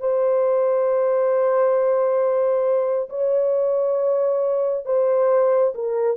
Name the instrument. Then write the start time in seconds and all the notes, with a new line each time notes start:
horn
0.00 C5
3.10 C#5
4.85 C5
5.75 A#4